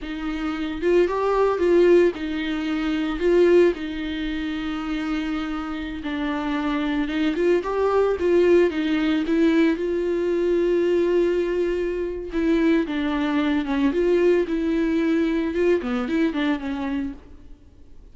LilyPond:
\new Staff \with { instrumentName = "viola" } { \time 4/4 \tempo 4 = 112 dis'4. f'8 g'4 f'4 | dis'2 f'4 dis'4~ | dis'2.~ dis'16 d'8.~ | d'4~ d'16 dis'8 f'8 g'4 f'8.~ |
f'16 dis'4 e'4 f'4.~ f'16~ | f'2. e'4 | d'4. cis'8 f'4 e'4~ | e'4 f'8 b8 e'8 d'8 cis'4 | }